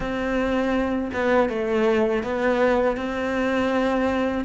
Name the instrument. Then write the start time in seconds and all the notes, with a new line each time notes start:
cello
0.00 C4
1.13 B3
1.48 A3
2.23 B3
2.96 C4